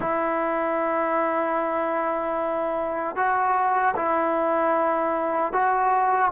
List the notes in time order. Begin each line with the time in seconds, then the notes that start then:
0.00 E4
3.15 F#4
3.95 E4
5.52 F#4